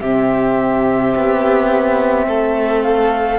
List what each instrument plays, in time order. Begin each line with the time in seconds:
0.00 cello C3, saxophone C4, violin G4, flute E5
1.16 cello B3
2.26 cello A3, violin A4
2.83 flute F5